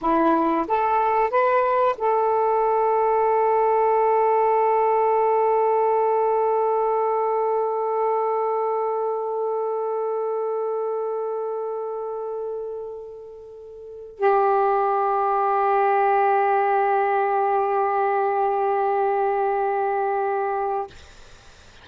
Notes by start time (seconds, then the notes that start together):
0.01 E4
0.67 A4
1.30 B4
1.97 A4
14.18 G4